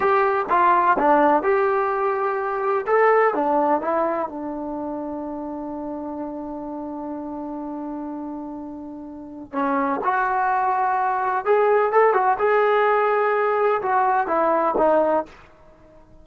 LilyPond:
\new Staff \with { instrumentName = "trombone" } { \time 4/4 \tempo 4 = 126 g'4 f'4 d'4 g'4~ | g'2 a'4 d'4 | e'4 d'2.~ | d'1~ |
d'1 | cis'4 fis'2. | gis'4 a'8 fis'8 gis'2~ | gis'4 fis'4 e'4 dis'4 | }